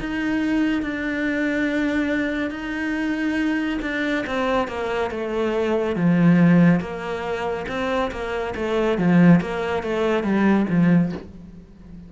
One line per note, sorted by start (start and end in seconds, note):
0.00 0.82 D#4
0.82 2.51 D4
2.51 3.79 D#4
3.82 4.25 D4
4.27 4.68 C4
4.68 5.11 A#3
5.11 5.96 A3
5.96 6.80 F3
6.80 7.66 A#3
7.68 8.11 C4
8.12 8.54 A#3
8.56 8.98 A3
8.98 9.41 F3
9.41 9.83 A#3
9.83 10.24 A3
10.24 10.66 G3
10.70 11.13 F3